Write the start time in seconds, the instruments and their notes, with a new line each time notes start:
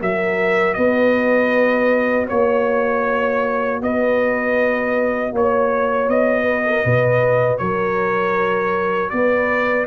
0.00 tuba F#3, trombone F#4, horn A#4, trumpet E5
0.74 tuba B3, horn B4, trumpet D#5
2.27 tuba A#3, horn C#5, trumpet C#5
3.81 tuba B3, horn B4, trumpet D#5
5.32 tuba A#3, horn C#5, trumpet C#5
6.08 tuba B3, trumpet D#5
6.42 horn B4
6.66 horn A#4
6.84 tuba B2, horn B4
7.58 tuba F#3, horn A#4, trumpet C#5
9.10 tuba B3, horn B4, trumpet D5